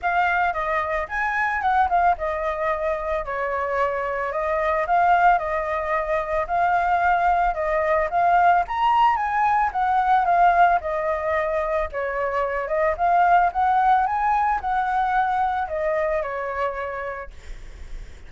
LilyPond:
\new Staff \with { instrumentName = "flute" } { \time 4/4 \tempo 4 = 111 f''4 dis''4 gis''4 fis''8 f''8 | dis''2 cis''2 | dis''4 f''4 dis''2 | f''2 dis''4 f''4 |
ais''4 gis''4 fis''4 f''4 | dis''2 cis''4. dis''8 | f''4 fis''4 gis''4 fis''4~ | fis''4 dis''4 cis''2 | }